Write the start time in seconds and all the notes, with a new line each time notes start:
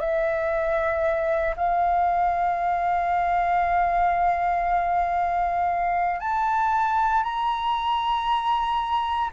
0.00 E5
1.57 F5
6.20 A5
7.24 A#5